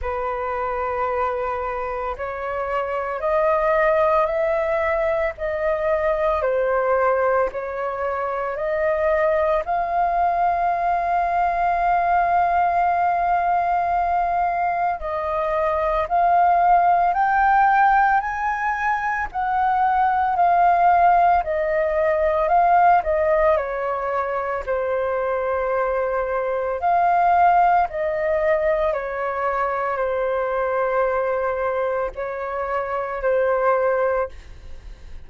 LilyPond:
\new Staff \with { instrumentName = "flute" } { \time 4/4 \tempo 4 = 56 b'2 cis''4 dis''4 | e''4 dis''4 c''4 cis''4 | dis''4 f''2.~ | f''2 dis''4 f''4 |
g''4 gis''4 fis''4 f''4 | dis''4 f''8 dis''8 cis''4 c''4~ | c''4 f''4 dis''4 cis''4 | c''2 cis''4 c''4 | }